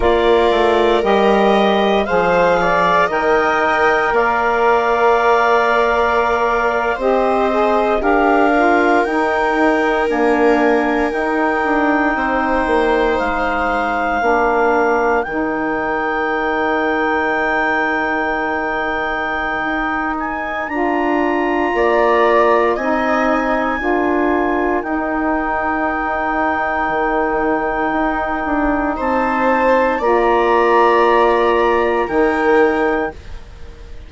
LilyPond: <<
  \new Staff \with { instrumentName = "clarinet" } { \time 4/4 \tempo 4 = 58 d''4 dis''4 f''4 g''4 | f''2~ f''8. dis''4 f''16~ | f''8. g''4 gis''4 g''4~ g''16~ | g''8. f''2 g''4~ g''16~ |
g''2.~ g''8 gis''8 | ais''2 gis''2 | g''1 | a''4 ais''2 g''4 | }
  \new Staff \with { instrumentName = "viola" } { \time 4/4 ais'2 c''8 d''8 dis''4 | d''2~ d''8. c''4 ais'16~ | ais'2.~ ais'8. c''16~ | c''4.~ c''16 ais'2~ ais'16~ |
ais'1~ | ais'4 d''4 dis''4 ais'4~ | ais'1 | c''4 d''2 ais'4 | }
  \new Staff \with { instrumentName = "saxophone" } { \time 4/4 f'4 g'4 gis'4 ais'4~ | ais'2~ ais'8. g'8 gis'8 g'16~ | g'16 f'8 dis'4 ais4 dis'4~ dis'16~ | dis'4.~ dis'16 d'4 dis'4~ dis'16~ |
dis'1 | f'2 dis'4 f'4 | dis'1~ | dis'4 f'2 dis'4 | }
  \new Staff \with { instrumentName = "bassoon" } { \time 4/4 ais8 a8 g4 f4 dis4 | ais2~ ais8. c'4 d'16~ | d'8. dis'4 d'4 dis'8 d'8 c'16~ | c'16 ais8 gis4 ais4 dis4~ dis16~ |
dis2. dis'4 | d'4 ais4 c'4 d'4 | dis'2 dis4 dis'8 d'8 | c'4 ais2 dis4 | }
>>